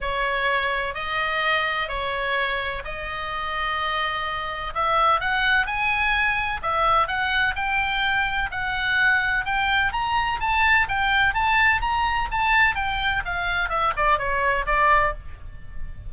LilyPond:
\new Staff \with { instrumentName = "oboe" } { \time 4/4 \tempo 4 = 127 cis''2 dis''2 | cis''2 dis''2~ | dis''2 e''4 fis''4 | gis''2 e''4 fis''4 |
g''2 fis''2 | g''4 ais''4 a''4 g''4 | a''4 ais''4 a''4 g''4 | f''4 e''8 d''8 cis''4 d''4 | }